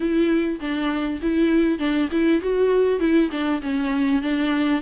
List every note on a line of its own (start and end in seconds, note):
0.00 0.59 E4
0.60 1.20 D4
1.22 1.78 E4
1.78 2.08 D4
2.11 2.41 E4
2.41 2.99 F#4
2.99 3.29 E4
3.31 3.61 D4
3.62 4.22 C#4
4.22 4.81 D4